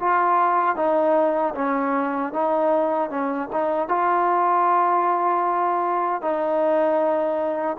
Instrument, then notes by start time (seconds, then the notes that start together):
trombone
0.00 F4
0.76 D#4
1.55 C#4
2.33 D#4
3.10 C#4
3.52 D#4
3.89 F4
6.22 D#4